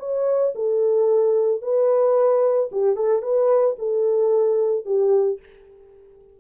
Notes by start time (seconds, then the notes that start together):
0.00 C#5
0.56 A4
1.62 B4
2.72 G4
2.96 A4
3.23 B4
3.79 A4
4.86 G4